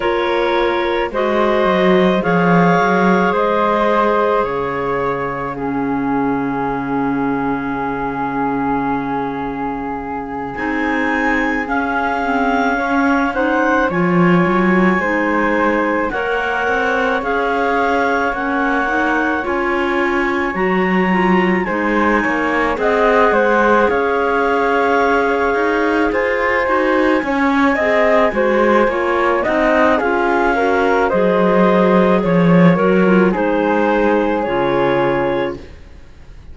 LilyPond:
<<
  \new Staff \with { instrumentName = "clarinet" } { \time 4/4 \tempo 4 = 54 cis''4 dis''4 f''4 dis''4 | f''1~ | f''4. gis''4 f''4. | fis''8 gis''2 fis''4 f''8~ |
f''8 fis''4 gis''4 ais''4 gis''8~ | gis''8 fis''4 f''2 gis''8~ | gis''2~ gis''8 fis''8 f''4 | dis''4 cis''8 ais'8 c''4 cis''4 | }
  \new Staff \with { instrumentName = "flute" } { \time 4/4 ais'4 c''4 cis''4 c''4 | cis''4 gis'2.~ | gis'2.~ gis'8 cis''8 | c''8 cis''4 c''4 cis''4.~ |
cis''2.~ cis''8 c''8 | cis''8 dis''8 c''8 cis''2 c''8~ | c''8 cis''8 dis''8 c''8 cis''8 dis''8 gis'8 ais'8 | c''4 cis''4 gis'2 | }
  \new Staff \with { instrumentName = "clarinet" } { \time 4/4 f'4 fis'4 gis'2~ | gis'4 cis'2.~ | cis'4. dis'4 cis'8 c'8 cis'8 | dis'8 f'4 dis'4 ais'4 gis'8~ |
gis'8 cis'8 dis'8 f'4 fis'8 f'8 dis'8~ | dis'8 gis'2.~ gis'8 | fis'8 cis'8 gis'8 fis'8 f'8 dis'8 f'8 fis'8 | gis'4. fis'16 f'16 dis'4 f'4 | }
  \new Staff \with { instrumentName = "cello" } { \time 4/4 ais4 gis8 fis8 f8 fis8 gis4 | cis1~ | cis4. c'4 cis'4.~ | cis'8 f8 fis8 gis4 ais8 c'8 cis'8~ |
cis'8 ais4 cis'4 fis4 gis8 | ais8 c'8 gis8 cis'4. dis'8 f'8 | dis'8 cis'8 c'8 gis8 ais8 c'8 cis'4 | fis4 f8 fis8 gis4 cis4 | }
>>